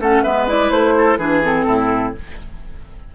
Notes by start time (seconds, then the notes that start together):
0.00 A3 C#4 A4 F#5
0.23 G#3 B3 B4 E5
0.48 E4 D5
0.71 A3 C5
0.98 A4
1.17 E3 D4 G#4 B4
1.44 C4 A4
1.66 A2 E4